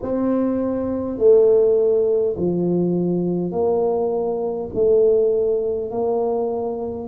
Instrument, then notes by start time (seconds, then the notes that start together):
tuba
0.02 C4
1.18 A3
2.36 F3
3.51 A#3
4.74 A3
5.90 A#3